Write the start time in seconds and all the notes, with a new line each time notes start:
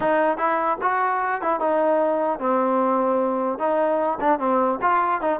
0.00 D#4
0.37 E4
0.81 F#4
1.41 E4
1.59 D#4
2.39 C4
3.59 D#4
4.20 D4
4.39 C4
4.81 F4
5.21 D#4